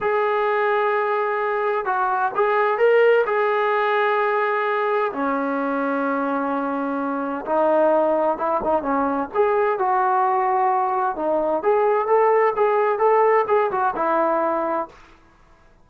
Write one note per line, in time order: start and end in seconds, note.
0.00 1.85 G#4
1.85 2.31 F#4
2.35 2.78 G#4
2.78 3.24 A#4
3.26 5.12 G#4
5.12 7.45 C#4
7.45 8.37 D#4
8.37 8.60 E4
8.63 8.82 D#4
8.82 9.29 C#4
9.34 9.79 G#4
9.79 11.16 F#4
11.16 11.62 D#4
11.62 12.07 G#4
12.07 12.53 A4
12.56 12.98 G#4
12.98 13.45 A4
13.47 13.70 G#4
13.71 13.94 F#4
13.95 14.88 E4